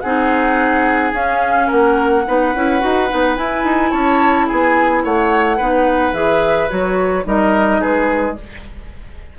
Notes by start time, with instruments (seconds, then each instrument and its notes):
0.00 bassoon C4, clarinet D#4, oboe G#4, flute F#5
1.12 bassoon C#4, clarinet C#4, flute F5
1.67 bassoon A#3, oboe A#4, flute F#5
2.26 bassoon B3, clarinet D#4, oboe B4
2.55 bassoon C#4, clarinet E4
2.80 bassoon D#4, clarinet F#4
3.09 bassoon B3, clarinet D#4
3.36 clarinet E4, bassoon E4, flute G#5
3.64 bassoon D#4
3.90 bassoon C#4, oboe C#5, flute A5
4.47 bassoon B3, oboe G#4, flute G#5
5.04 bassoon A3, oboe C#5, flute F#5
5.57 bassoon B3, clarinet D#4, oboe B4
6.12 bassoon E3, clarinet G#4, flute E5
6.69 bassoon F#3, clarinet F#4, flute C#5
7.24 bassoon G3, clarinet D#4, oboe A#4, flute D#5
7.80 bassoon G#3, oboe G#4, flute B4